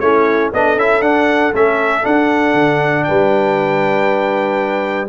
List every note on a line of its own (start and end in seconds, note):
0.00 0.51 A3
0.00 0.53 C#4
0.00 0.53 E4
0.00 0.51 C#5
0.53 0.76 B3
0.53 0.79 D4
0.53 3.07 A4
0.53 0.79 D#5
0.76 1.01 C#4
0.76 1.02 E4
0.76 1.02 E5
1.01 1.52 D4
1.01 1.53 D4
1.01 1.53 F#5
1.54 2.05 A3
1.54 2.02 C#4
1.54 2.06 E5
2.02 5.07 D4
2.02 2.54 D4
2.02 3.04 F#5
2.54 3.05 D3
3.04 5.09 G3
3.04 5.09 B4
3.04 5.07 G5